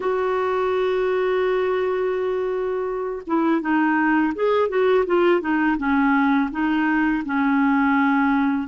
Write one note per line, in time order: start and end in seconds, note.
0.00 3.22 F#4
3.26 3.61 E4
3.61 4.33 D#4
4.34 4.68 G#4
4.68 5.04 F#4
5.05 5.40 F4
5.40 5.76 D#4
5.77 6.50 C#4
6.51 7.23 D#4
7.25 8.67 C#4